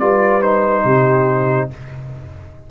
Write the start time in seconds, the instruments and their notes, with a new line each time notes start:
0.00 tuba G3, trombone F4, horn B4, trumpet D5
0.42 trombone D#4, trumpet C5
0.85 tuba C3, horn G4